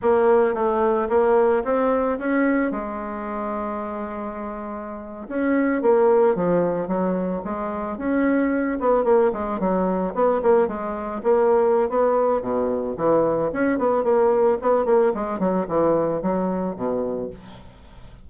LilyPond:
\new Staff \with { instrumentName = "bassoon" } { \time 4/4 \tempo 4 = 111 ais4 a4 ais4 c'4 | cis'4 gis2.~ | gis4.~ gis16 cis'4 ais4 f16~ | f8. fis4 gis4 cis'4~ cis'16~ |
cis'16 b8 ais8 gis8 fis4 b8 ais8 gis16~ | gis8. ais4~ ais16 b4 b,4 | e4 cis'8 b8 ais4 b8 ais8 | gis8 fis8 e4 fis4 b,4 | }